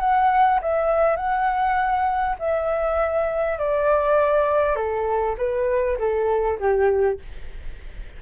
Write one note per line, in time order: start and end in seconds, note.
0.00 0.60 F#5
0.62 1.16 E5
1.16 2.36 F#5
2.39 3.59 E5
3.59 4.76 D5
4.76 5.36 A4
5.38 5.98 B4
5.99 6.59 A4
6.60 7.20 G4